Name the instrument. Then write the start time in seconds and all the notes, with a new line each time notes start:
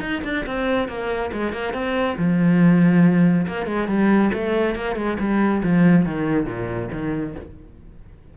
cello
0.00 D#4
0.24 D4
0.46 C4
0.88 A#3
1.33 G#3
1.52 A#3
1.73 C4
2.18 F3
3.47 A#3
3.66 G#3
3.88 G3
4.33 A3
4.75 A#3
4.96 G#3
5.19 G3
5.63 F3
6.05 D#3
6.46 A#2
6.92 D#3